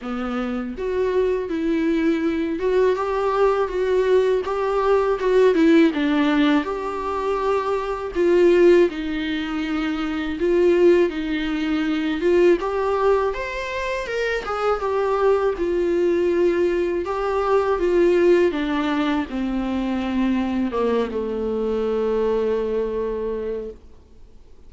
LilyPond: \new Staff \with { instrumentName = "viola" } { \time 4/4 \tempo 4 = 81 b4 fis'4 e'4. fis'8 | g'4 fis'4 g'4 fis'8 e'8 | d'4 g'2 f'4 | dis'2 f'4 dis'4~ |
dis'8 f'8 g'4 c''4 ais'8 gis'8 | g'4 f'2 g'4 | f'4 d'4 c'2 | ais8 a2.~ a8 | }